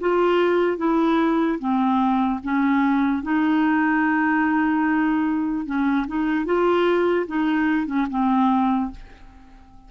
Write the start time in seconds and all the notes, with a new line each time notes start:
0.00 F4
0.77 E4
1.58 C4
2.43 C#4
3.22 D#4
5.65 C#4
6.07 D#4
6.45 F4
7.27 D#4
7.86 C#4
8.10 C4